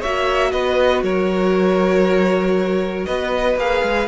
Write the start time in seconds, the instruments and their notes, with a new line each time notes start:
0.00 cello A#3, viola F#4, violin C#5 E5
0.52 cello B3, violin B4 D#5
1.03 cello F#3, violin A#4 C#5
3.05 cello B3, violin B4 D#5
3.56 cello A#3, viola G#4, violin F5
3.82 cello G#3